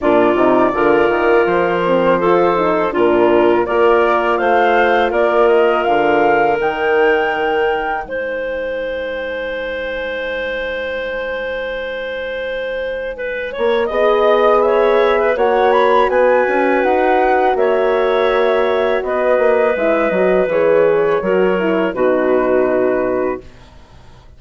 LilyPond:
<<
  \new Staff \with { instrumentName = "flute" } { \time 4/4 \tempo 4 = 82 d''2 c''2 | ais'4 d''4 f''4 d''8 dis''8 | f''4 g''2 gis''4~ | gis''1~ |
gis''2. dis''4 | e''4 fis''8 b''8 gis''4 fis''4 | e''2 dis''4 e''8 dis''8 | cis''2 b'2 | }
  \new Staff \with { instrumentName = "clarinet" } { \time 4/4 f'4 ais'2 a'4 | f'4 ais'4 c''4 ais'4~ | ais'2. c''4~ | c''1~ |
c''2 b'8 cis''8 dis''4 | cis''8. b'16 cis''4 b'2 | cis''2 b'2~ | b'4 ais'4 fis'2 | }
  \new Staff \with { instrumentName = "horn" } { \time 4/4 d'8 dis'8 f'4. c'8 f'8 dis'8 | d'4 f'2.~ | f'4 dis'2.~ | dis'1~ |
dis'2. gis'4~ | gis'4 fis'2.~ | fis'2. e'8 fis'8 | gis'4 fis'8 e'8 dis'2 | }
  \new Staff \with { instrumentName = "bassoon" } { \time 4/4 ais,8 c8 d8 dis8 f2 | ais,4 ais4 a4 ais4 | d4 dis2 gis4~ | gis1~ |
gis2~ gis8 ais8 b4~ | b4 ais4 b8 cis'8 dis'4 | ais2 b8 ais8 gis8 fis8 | e4 fis4 b,2 | }
>>